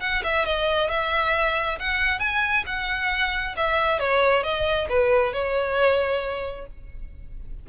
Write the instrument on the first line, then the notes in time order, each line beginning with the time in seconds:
violin
0.00 F#5
0.23 E5
0.45 D#5
0.89 E5
1.79 F#5
2.19 G#5
2.66 F#5
3.56 E5
3.99 C#5
4.43 D#5
4.88 B4
5.33 C#5